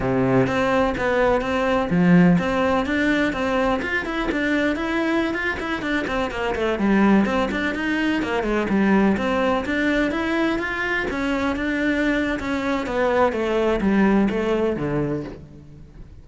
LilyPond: \new Staff \with { instrumentName = "cello" } { \time 4/4 \tempo 4 = 126 c4 c'4 b4 c'4 | f4 c'4 d'4 c'4 | f'8 e'8 d'4 e'4~ e'16 f'8 e'16~ | e'16 d'8 c'8 ais8 a8 g4 c'8 d'16~ |
d'16 dis'4 ais8 gis8 g4 c'8.~ | c'16 d'4 e'4 f'4 cis'8.~ | cis'16 d'4.~ d'16 cis'4 b4 | a4 g4 a4 d4 | }